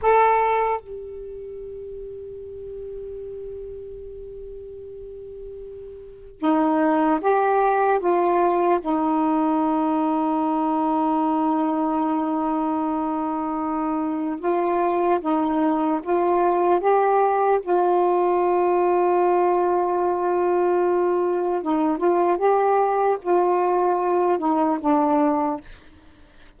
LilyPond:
\new Staff \with { instrumentName = "saxophone" } { \time 4/4 \tempo 4 = 75 a'4 g'2.~ | g'1 | dis'4 g'4 f'4 dis'4~ | dis'1~ |
dis'2 f'4 dis'4 | f'4 g'4 f'2~ | f'2. dis'8 f'8 | g'4 f'4. dis'8 d'4 | }